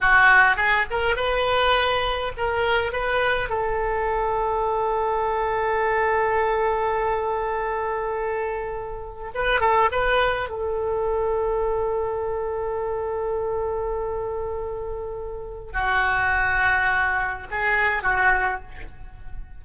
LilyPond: \new Staff \with { instrumentName = "oboe" } { \time 4/4 \tempo 4 = 103 fis'4 gis'8 ais'8 b'2 | ais'4 b'4 a'2~ | a'1~ | a'1 |
b'8 a'8 b'4 a'2~ | a'1~ | a'2. fis'4~ | fis'2 gis'4 fis'4 | }